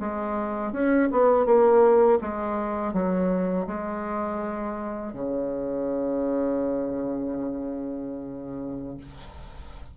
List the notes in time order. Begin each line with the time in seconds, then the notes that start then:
0.00 G#3
0.73 C#4
1.12 B3
1.46 A#3
2.22 G#3
2.94 F#3
3.68 G#3
5.14 C#3